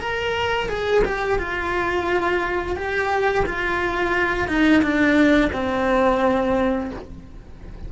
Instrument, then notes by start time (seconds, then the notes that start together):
cello
0.00 A#4
0.68 G#4
1.04 G4
1.38 F4
2.76 G4
3.45 F4
4.48 D#4
4.82 D4
5.52 C4